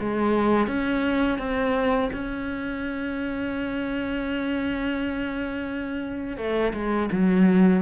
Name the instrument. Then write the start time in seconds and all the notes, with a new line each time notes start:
cello
0.00 G#3
0.68 C#4
1.39 C4
2.13 C#4
6.37 A3
6.74 G#3
7.12 F#3